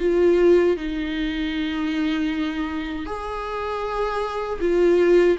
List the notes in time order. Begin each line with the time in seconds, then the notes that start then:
0.00 F4
0.77 D#4
3.06 G#4
4.60 F4